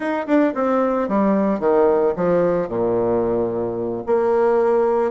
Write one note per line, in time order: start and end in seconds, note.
0.00 0.26 D#4
0.26 0.53 D4
0.54 1.08 C4
1.08 1.59 G3
1.59 2.14 D#3
2.15 2.68 F3
2.68 4.03 A#2
4.06 5.11 A#3